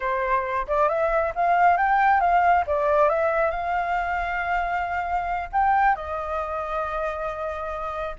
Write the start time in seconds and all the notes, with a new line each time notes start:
0.00 C5
0.67 D5
0.88 E5
1.35 F5
1.77 G5
2.20 F5
2.67 D5
3.09 E5
3.51 F5
5.52 G5
5.95 D#5